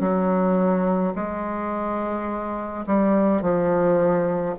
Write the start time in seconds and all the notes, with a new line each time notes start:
0.00 F#3
1.15 G#3
2.87 G3
3.42 F3